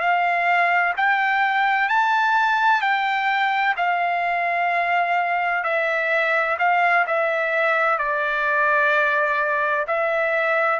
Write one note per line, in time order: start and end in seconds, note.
0.00 0.94 F5
0.97 1.89 G5
1.89 2.81 A5
2.81 3.75 G5
3.77 5.64 F5
5.64 6.58 E5
6.59 7.06 F5
7.07 7.99 E5
7.99 9.87 D5
9.87 10.80 E5